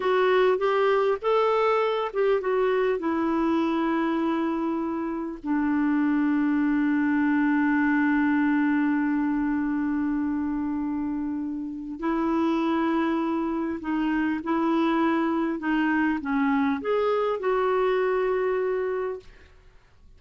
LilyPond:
\new Staff \with { instrumentName = "clarinet" } { \time 4/4 \tempo 4 = 100 fis'4 g'4 a'4. g'8 | fis'4 e'2.~ | e'4 d'2.~ | d'1~ |
d'1 | e'2. dis'4 | e'2 dis'4 cis'4 | gis'4 fis'2. | }